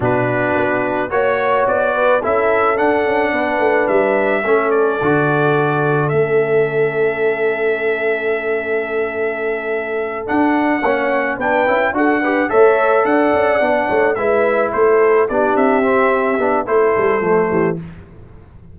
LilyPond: <<
  \new Staff \with { instrumentName = "trumpet" } { \time 4/4 \tempo 4 = 108 b'2 cis''4 d''4 | e''4 fis''2 e''4~ | e''8 d''2~ d''8 e''4~ | e''1~ |
e''2~ e''8 fis''4.~ | fis''8 g''4 fis''4 e''4 fis''8~ | fis''4. e''4 c''4 d''8 | e''2 c''2 | }
  \new Staff \with { instrumentName = "horn" } { \time 4/4 fis'2 cis''4. b'8 | a'2 b'2 | a'1~ | a'1~ |
a'2.~ a'8 cis''8~ | cis''8 b'4 a'8 b'8 cis''4 d''8~ | d''4 cis''8 b'4 a'4 g'8~ | g'2 a'4. g'8 | }
  \new Staff \with { instrumentName = "trombone" } { \time 4/4 d'2 fis'2 | e'4 d'2. | cis'4 fis'2 cis'4~ | cis'1~ |
cis'2~ cis'8 d'4 cis'8~ | cis'8 d'8 e'8 fis'8 g'8 a'4.~ | a'8 d'4 e'2 d'8~ | d'8 c'4 d'8 e'4 a4 | }
  \new Staff \with { instrumentName = "tuba" } { \time 4/4 b,4 b4 ais4 b4 | cis'4 d'8 cis'8 b8 a8 g4 | a4 d2 a4~ | a1~ |
a2~ a8 d'4 ais8~ | ais8 b8 cis'8 d'4 a4 d'8 | cis'8 b8 a8 gis4 a4 b8 | c'4. b8 a8 g8 f8 e8 | }
>>